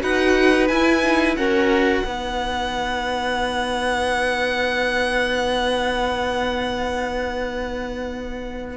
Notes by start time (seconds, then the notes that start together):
0.00 D#4 F#4 B4 F#5
0.68 E4 G#5
1.03 D#4
1.37 C#4 F#4 A#4 F#5
2.04 B3 D#4 B4